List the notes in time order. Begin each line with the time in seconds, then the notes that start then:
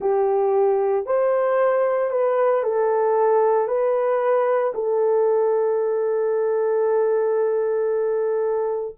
0.00 G4
1.06 C5
2.11 B4
2.63 A4
3.67 B4
4.74 A4